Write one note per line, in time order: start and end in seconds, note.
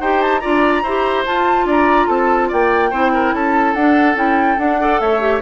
0.00 0.42 D#4
0.00 0.41 G4
0.00 0.41 C5
0.00 0.21 G5
0.21 0.39 A5
0.39 0.83 D4
0.39 0.83 F4
0.39 0.82 D5
0.39 1.23 A#5
0.83 1.25 E4
0.83 1.26 G4
0.83 1.66 C5
1.25 2.92 F4
1.25 1.65 F4
1.25 1.67 A5
1.65 2.06 D4
1.65 2.07 D5
1.65 2.07 A#5
2.07 2.50 C4
2.07 2.48 A4
2.07 2.49 A5
2.48 2.92 A#3
2.48 2.90 D5
2.48 3.34 G5
2.90 3.33 C4
2.90 3.76 E4
2.90 3.11 C5
3.13 3.34 A#4
3.33 3.74 C#4
3.33 4.80 A4
3.33 3.74 A5
3.74 4.15 D4
3.74 4.16 F#5
4.15 4.57 C#4
4.15 4.56 E4
4.15 4.59 G5
4.58 4.99 D4
4.58 4.80 D4
4.58 5.00 F#5
4.80 5.20 A4
4.80 5.01 D5
4.99 5.41 A3
4.99 5.41 C#5
4.99 5.41 E5
5.20 5.41 G4